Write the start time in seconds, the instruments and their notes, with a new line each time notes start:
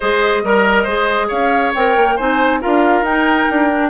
0.00 bassoon G#3, clarinet G#4, oboe C5, flute D#5
0.43 bassoon G3, oboe A#4, clarinet A#4
0.83 bassoon G#3, clarinet G#4, oboe C5
1.28 bassoon C#4, oboe C#5, flute F5
1.74 bassoon C4, clarinet A#4, flute G5
1.97 bassoon A#3
2.16 bassoon C4, clarinet D#4, oboe C5, flute G#5
2.60 bassoon D4, clarinet F4, oboe A#4, flute F5
3.01 bassoon D#4, clarinet D#4, flute G5
3.50 bassoon D4
3.70 clarinet D4